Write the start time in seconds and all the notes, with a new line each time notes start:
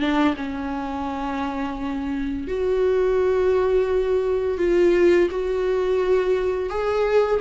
0.00 D4
0.37 C#4
2.48 F#4
4.58 F4
5.30 F#4
6.70 G#4